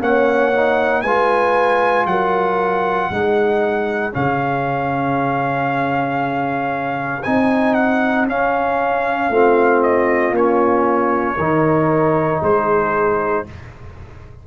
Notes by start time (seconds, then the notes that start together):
0.00 A#3 C#4 C#5 F#5
0.53 D#4
1.02 G#3 F4 B4 G#5
2.06 F#3 A#4 F#5
3.10 G#3 D#4 G#4
4.12 C#3 C#4 F5
7.23 C4 D#4 G#5
7.74 F#5
8.26 C#4 F5
9.29 A3 C4 F4
9.83 D#5
10.31 A#3 C#4 C#5
11.37 D#3 D#4 A#4
12.42 G#3 G#4 C5